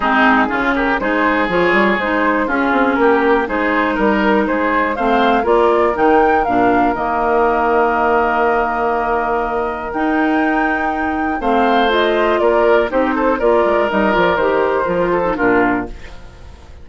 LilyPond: <<
  \new Staff \with { instrumentName = "flute" } { \time 4/4 \tempo 4 = 121 gis'4. ais'8 c''4 cis''4 | c''4 gis'4 ais'4 c''4 | ais'4 c''4 f''4 d''4 | g''4 f''4 dis''2~ |
dis''1 | g''2. f''4 | dis''4 d''4 c''4 d''4 | dis''8 d''8 c''2 ais'4 | }
  \new Staff \with { instrumentName = "oboe" } { \time 4/4 dis'4 f'8 g'8 gis'2~ | gis'4 f'4 g'4 gis'4 | ais'4 gis'4 c''4 ais'4~ | ais'1~ |
ais'1~ | ais'2. c''4~ | c''4 ais'4 g'8 a'8 ais'4~ | ais'2~ ais'8 a'8 f'4 | }
  \new Staff \with { instrumentName = "clarinet" } { \time 4/4 c'4 cis'4 dis'4 f'4 | dis'4 cis'2 dis'4~ | dis'2 c'4 f'4 | dis'4 d'4 ais2~ |
ais1 | dis'2. c'4 | f'2 dis'4 f'4 | dis'8 f'8 g'4 f'8. dis'16 d'4 | }
  \new Staff \with { instrumentName = "bassoon" } { \time 4/4 gis4 cis4 gis4 f8 g8 | gis4 cis'8 c'8 ais4 gis4 | g4 gis4 a4 ais4 | dis4 ais,4 dis2~ |
dis1 | dis'2. a4~ | a4 ais4 c'4 ais8 gis8 | g8 f8 dis4 f4 ais,4 | }
>>